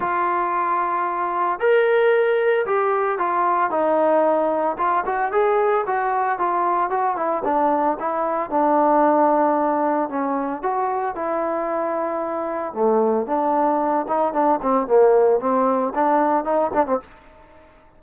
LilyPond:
\new Staff \with { instrumentName = "trombone" } { \time 4/4 \tempo 4 = 113 f'2. ais'4~ | ais'4 g'4 f'4 dis'4~ | dis'4 f'8 fis'8 gis'4 fis'4 | f'4 fis'8 e'8 d'4 e'4 |
d'2. cis'4 | fis'4 e'2. | a4 d'4. dis'8 d'8 c'8 | ais4 c'4 d'4 dis'8 d'16 c'16 | }